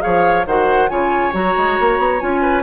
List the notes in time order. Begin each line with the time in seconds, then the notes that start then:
0.00 F3 G#4 C#5 F5
0.47 D#3 F#4 C5 F#5
0.89 C#3 F4 C#5 G#5
1.33 F#3 F#4 A#5
1.57 G#3
1.80 A#3
1.99 B3
2.20 C#4 F4 G#5
2.42 B4